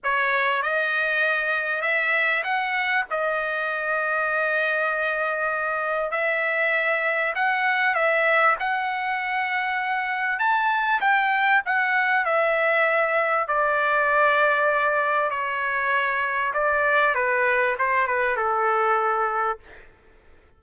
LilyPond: \new Staff \with { instrumentName = "trumpet" } { \time 4/4 \tempo 4 = 98 cis''4 dis''2 e''4 | fis''4 dis''2.~ | dis''2 e''2 | fis''4 e''4 fis''2~ |
fis''4 a''4 g''4 fis''4 | e''2 d''2~ | d''4 cis''2 d''4 | b'4 c''8 b'8 a'2 | }